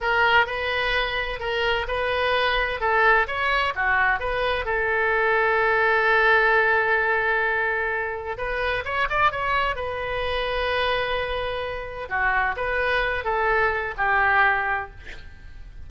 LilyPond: \new Staff \with { instrumentName = "oboe" } { \time 4/4 \tempo 4 = 129 ais'4 b'2 ais'4 | b'2 a'4 cis''4 | fis'4 b'4 a'2~ | a'1~ |
a'2 b'4 cis''8 d''8 | cis''4 b'2.~ | b'2 fis'4 b'4~ | b'8 a'4. g'2 | }